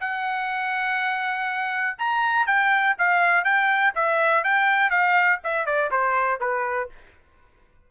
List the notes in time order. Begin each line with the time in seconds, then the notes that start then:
0.00 F#5
1.98 A#5
2.46 G5
2.98 F5
3.44 G5
3.94 E5
4.44 G5
4.90 F5
5.43 E5
5.66 D5
5.91 C5
6.40 B4